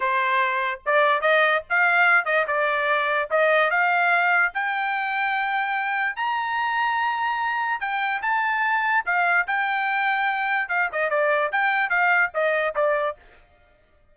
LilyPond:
\new Staff \with { instrumentName = "trumpet" } { \time 4/4 \tempo 4 = 146 c''2 d''4 dis''4 | f''4. dis''8 d''2 | dis''4 f''2 g''4~ | g''2. ais''4~ |
ais''2. g''4 | a''2 f''4 g''4~ | g''2 f''8 dis''8 d''4 | g''4 f''4 dis''4 d''4 | }